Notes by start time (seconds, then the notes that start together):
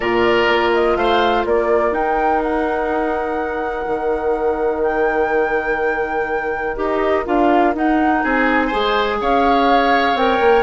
0.00 A#2 F4 A#4 D5
0.48 A#3
0.73 D#5
0.95 A3 C5 F5
1.45 A#3 A#4 D5
1.91 D#4 G5
2.42 F#5
3.87 D#3
4.83 G5
6.75 D#4 G4 D#5
7.25 D4 F4 F5
7.74 D#4 F#5
8.23 C4 G#4 G#5
8.67 G#4 C5
8.73 G#3
9.20 C#4 C#5 F5
10.14 C4 A#4 G5
10.40 A#3